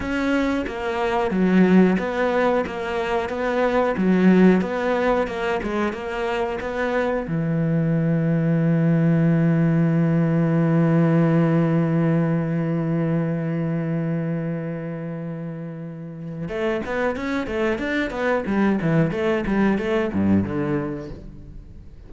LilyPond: \new Staff \with { instrumentName = "cello" } { \time 4/4 \tempo 4 = 91 cis'4 ais4 fis4 b4 | ais4 b4 fis4 b4 | ais8 gis8 ais4 b4 e4~ | e1~ |
e1~ | e1~ | e4 a8 b8 cis'8 a8 d'8 b8 | g8 e8 a8 g8 a8 g,8 d4 | }